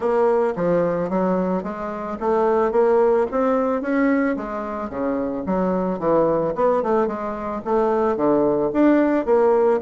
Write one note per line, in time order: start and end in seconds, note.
0.00 0.53 A#3
0.56 1.09 F3
1.09 1.63 F#3
1.63 2.17 G#3
2.20 2.71 A3
2.71 3.26 A#3
3.31 3.81 C4
3.81 4.36 C#4
4.36 4.89 G#3
4.89 5.44 C#3
5.45 5.99 F#3
5.99 6.53 E3
6.55 6.82 B3
6.83 7.07 A3
7.07 7.61 G#3
7.64 8.16 A3
8.16 8.70 D3
8.73 9.25 D4
9.25 9.80 A#3